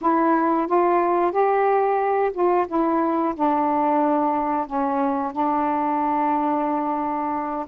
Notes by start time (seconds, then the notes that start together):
0.01 E4
0.67 F4
1.31 G4
2.33 F4
2.67 E4
3.35 D4
4.67 C#4
5.32 D4